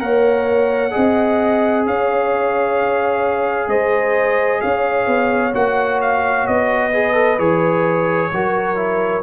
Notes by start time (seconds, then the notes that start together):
0.00 A#3 A#4 C#5 F#5
0.91 C4 G#4 D#5
1.86 C#4 C#5 F5
3.68 G#3 C5 D#5
4.61 C#4 C#5 F5
5.07 B3
5.54 A#3 F#4 F#5
6.02 F5
6.47 B3 D#5
6.91 G#4 B4
7.14 A4
7.39 E3 G#4 C#5
8.33 F#3 F#4 A#4
8.76 E4